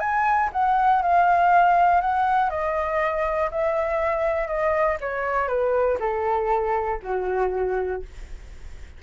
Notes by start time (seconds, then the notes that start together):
0.00 G#5
0.53 F#5
1.02 F5
2.01 F#5
2.50 D#5
3.51 E5
4.48 D#5
5.01 C#5
5.48 B4
6.00 A4
7.03 F#4